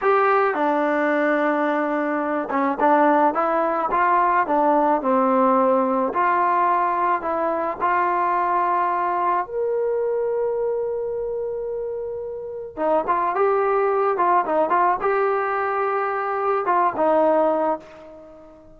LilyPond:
\new Staff \with { instrumentName = "trombone" } { \time 4/4 \tempo 4 = 108 g'4 d'2.~ | d'8 cis'8 d'4 e'4 f'4 | d'4 c'2 f'4~ | f'4 e'4 f'2~ |
f'4 ais'2.~ | ais'2. dis'8 f'8 | g'4. f'8 dis'8 f'8 g'4~ | g'2 f'8 dis'4. | }